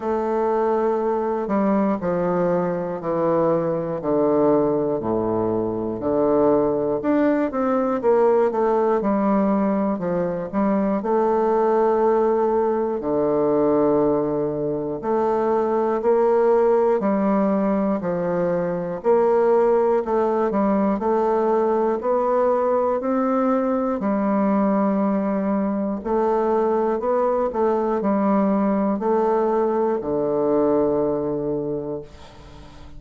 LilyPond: \new Staff \with { instrumentName = "bassoon" } { \time 4/4 \tempo 4 = 60 a4. g8 f4 e4 | d4 a,4 d4 d'8 c'8 | ais8 a8 g4 f8 g8 a4~ | a4 d2 a4 |
ais4 g4 f4 ais4 | a8 g8 a4 b4 c'4 | g2 a4 b8 a8 | g4 a4 d2 | }